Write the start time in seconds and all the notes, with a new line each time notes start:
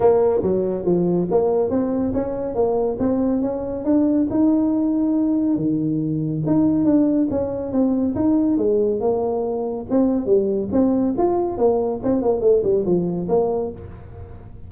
0.00 A#3
0.42 F#3
0.85 F3
1.31 A#3
1.69 C4
2.13 C#4
2.54 A#3
2.99 C4
3.41 C#4
3.84 D4
4.30 D#4
5.56 D#3
6.46 D#4
6.85 D4
7.30 C#4
7.72 C4
8.15 D#4
8.57 G#3
9.00 A#3
9.90 C4
10.26 G3
10.71 C4
11.17 F4
11.57 A#3
12.03 C4
12.21 A#3
12.41 A3
12.63 G3
12.85 F3
13.28 A#3